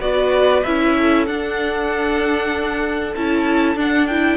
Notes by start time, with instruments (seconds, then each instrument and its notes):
0.00 cello B3, viola F#4, violin B4 D5
0.63 cello C#4, viola E4, violin E5
0.97 violin A4
1.27 viola D4, cello D4, violin F#5
3.15 cello C#4, viola E4, violin A5
3.75 cello D4, viola D4, violin F#5
4.07 viola E4, violin G5